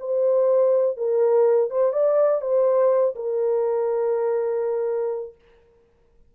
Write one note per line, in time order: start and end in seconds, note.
0.00 0.98 C5
0.98 1.71 A#4
1.71 1.93 C5
1.93 2.42 D5
2.42 3.15 C5
3.16 5.35 A#4